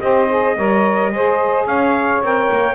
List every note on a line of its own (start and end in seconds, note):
0.00 0.56 C4
0.00 0.28 G4
0.00 0.56 C5
0.00 1.67 D#5
0.29 0.56 G#4
0.56 1.12 G3
0.56 1.12 A#4
0.56 1.11 C#5
1.12 1.66 G#3
1.12 2.22 G#4
1.12 1.67 C5
1.66 2.21 C#4
1.66 2.75 C#5
1.66 2.22 F5
2.22 2.50 C4
2.22 2.75 A#4
2.22 2.75 G5
2.51 2.75 A#3